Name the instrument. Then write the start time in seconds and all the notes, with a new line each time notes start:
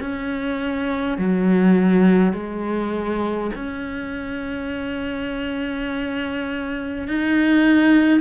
cello
0.00 C#4
1.18 F#3
2.33 G#3
3.55 C#4
7.07 D#4